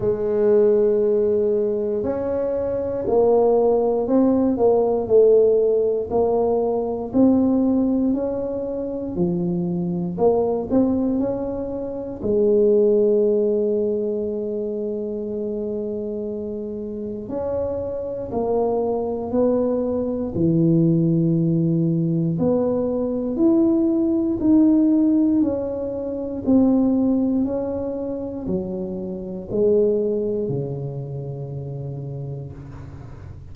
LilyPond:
\new Staff \with { instrumentName = "tuba" } { \time 4/4 \tempo 4 = 59 gis2 cis'4 ais4 | c'8 ais8 a4 ais4 c'4 | cis'4 f4 ais8 c'8 cis'4 | gis1~ |
gis4 cis'4 ais4 b4 | e2 b4 e'4 | dis'4 cis'4 c'4 cis'4 | fis4 gis4 cis2 | }